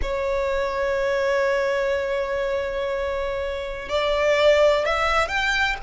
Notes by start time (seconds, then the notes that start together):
0.01 C#5
3.88 D5
4.85 E5
5.27 G5